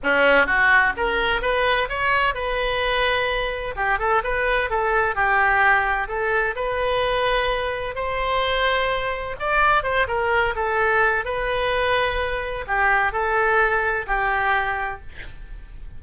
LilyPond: \new Staff \with { instrumentName = "oboe" } { \time 4/4 \tempo 4 = 128 cis'4 fis'4 ais'4 b'4 | cis''4 b'2. | g'8 a'8 b'4 a'4 g'4~ | g'4 a'4 b'2~ |
b'4 c''2. | d''4 c''8 ais'4 a'4. | b'2. g'4 | a'2 g'2 | }